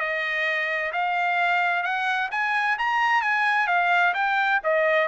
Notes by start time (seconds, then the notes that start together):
0.00 D#5
0.93 F5
1.83 F#5
2.32 G#5
2.79 A#5
3.22 G#5
3.68 F5
4.15 G5
4.64 D#5